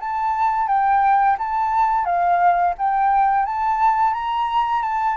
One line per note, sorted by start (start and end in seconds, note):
0.00 0.68 A5
0.68 1.37 G5
1.39 2.05 A5
2.05 2.74 F5
2.78 3.46 G5
3.46 4.14 A5
4.14 4.82 A#5
4.82 5.17 A5